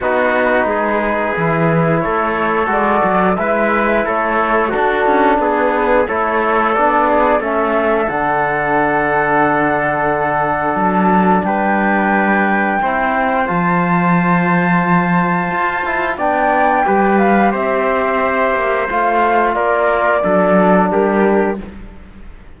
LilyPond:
<<
  \new Staff \with { instrumentName = "flute" } { \time 4/4 \tempo 4 = 89 b'2. cis''4 | d''4 e''4 cis''4 a'4 | b'4 cis''4 d''4 e''4 | fis''1 |
a''4 g''2. | a''1 | g''4. f''8 e''2 | f''4 d''2 ais'4 | }
  \new Staff \with { instrumentName = "trumpet" } { \time 4/4 fis'4 gis'2 a'4~ | a'4 b'4 a'4 fis'4 | gis'4 a'4. gis'8 a'4~ | a'1~ |
a'4 b'2 c''4~ | c''1 | d''4 b'4 c''2~ | c''4 ais'4 a'4 g'4 | }
  \new Staff \with { instrumentName = "trombone" } { \time 4/4 dis'2 e'2 | fis'4 e'2 d'4~ | d'4 e'4 d'4 cis'4 | d'1~ |
d'2. e'4 | f'2.~ f'8 e'8 | d'4 g'2. | f'2 d'2 | }
  \new Staff \with { instrumentName = "cello" } { \time 4/4 b4 gis4 e4 a4 | gis8 fis8 gis4 a4 d'8 cis'8 | b4 a4 b4 a4 | d1 |
fis4 g2 c'4 | f2. f'4 | b4 g4 c'4. ais8 | a4 ais4 fis4 g4 | }
>>